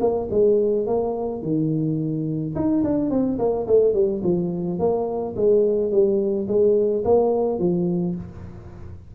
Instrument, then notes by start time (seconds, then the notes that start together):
tuba
0.00 A#3
0.31 G#3
0.87 A#3
1.42 D#3
2.55 D#4
2.84 D4
3.10 C4
3.39 A#3
3.67 A3
3.94 G3
4.24 F3
4.79 A#3
5.36 G#3
5.91 G3
6.48 G#3
7.05 A#3
7.59 F3